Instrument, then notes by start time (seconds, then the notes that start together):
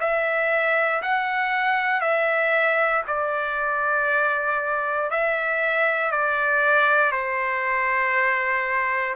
trumpet
0.00 E5
1.02 F#5
2.01 E5
3.07 D5
5.11 E5
6.12 D5
7.12 C5